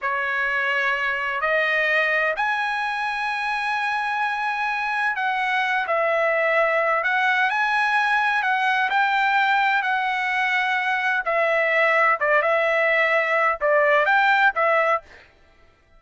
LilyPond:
\new Staff \with { instrumentName = "trumpet" } { \time 4/4 \tempo 4 = 128 cis''2. dis''4~ | dis''4 gis''2.~ | gis''2. fis''4~ | fis''8 e''2~ e''8 fis''4 |
gis''2 fis''4 g''4~ | g''4 fis''2. | e''2 d''8 e''4.~ | e''4 d''4 g''4 e''4 | }